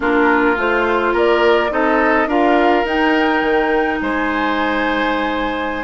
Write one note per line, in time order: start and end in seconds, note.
0.00 0.56 A#3
0.00 0.56 D4
0.00 1.13 F4
0.00 0.58 A#4
0.56 1.13 A3
0.56 1.69 F4
0.56 1.15 C5
1.13 1.70 A#3
1.13 1.70 A#4
1.13 1.72 D5
1.69 2.26 C4
1.69 2.27 D#4
1.69 2.28 A4
1.69 2.29 D#5
2.26 2.83 D4
2.26 2.86 F4
2.26 3.99 A#4
2.26 2.86 F5
2.84 3.41 D#4
2.84 5.84 D#4
2.84 4.01 G5
3.41 3.98 D#3
4.01 5.84 G#3
4.01 5.84 C5
4.01 5.84 G#5